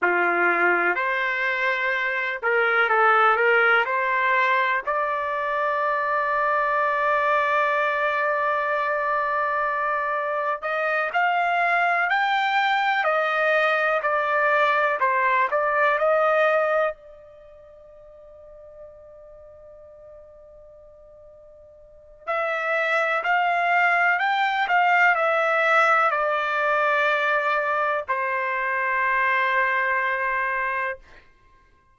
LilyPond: \new Staff \with { instrumentName = "trumpet" } { \time 4/4 \tempo 4 = 62 f'4 c''4. ais'8 a'8 ais'8 | c''4 d''2.~ | d''2. dis''8 f''8~ | f''8 g''4 dis''4 d''4 c''8 |
d''8 dis''4 d''2~ d''8~ | d''2. e''4 | f''4 g''8 f''8 e''4 d''4~ | d''4 c''2. | }